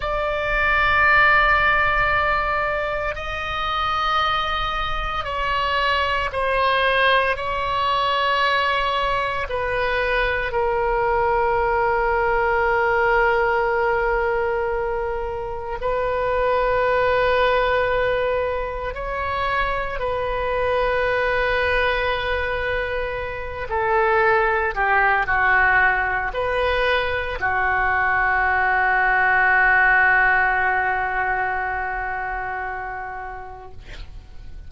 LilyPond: \new Staff \with { instrumentName = "oboe" } { \time 4/4 \tempo 4 = 57 d''2. dis''4~ | dis''4 cis''4 c''4 cis''4~ | cis''4 b'4 ais'2~ | ais'2. b'4~ |
b'2 cis''4 b'4~ | b'2~ b'8 a'4 g'8 | fis'4 b'4 fis'2~ | fis'1 | }